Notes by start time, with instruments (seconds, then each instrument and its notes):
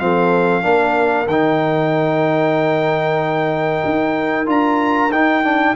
0.00 tuba F3, trombone C4, horn A4, trumpet F5
0.62 tuba A#3, trombone D4, horn A#4
1.27 tuba D#3, trombone D#4, trumpet G5
3.85 tuba D#4
4.46 tuba D4, trombone F4, trumpet A#5
5.11 tuba D#4, trombone D#4, trumpet G5
5.44 trombone D4